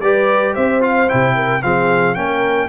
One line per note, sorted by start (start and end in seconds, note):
0.00 0.54 G3
0.00 0.80 G4
0.00 0.54 B4
0.00 0.54 D5
0.54 1.10 C4
0.54 1.34 C5
0.54 0.81 E5
0.80 1.07 F4
0.80 1.09 F5
1.08 1.63 C3
1.08 1.61 E4
1.08 1.62 G5
1.35 1.62 A#4
1.62 2.16 F3
1.62 2.15 C4
1.62 2.16 G#4
1.62 2.14 F5
2.14 2.68 A#3
2.14 2.68 C#4
2.14 2.68 A#4
2.14 2.68 G5